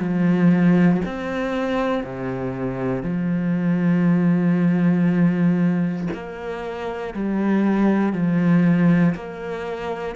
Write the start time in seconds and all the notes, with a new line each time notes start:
0.00 F3
1.05 C4
2.04 C3
3.03 F3
6.14 A#3
7.14 G3
8.13 F3
9.15 A#3